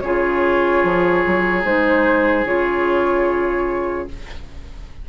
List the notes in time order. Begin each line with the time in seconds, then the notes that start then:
0.00 C#3 F4 G#4 C#5
0.84 F3
1.27 F#3
1.64 G#3 D#4 C5
2.45 C#3 F4 C#5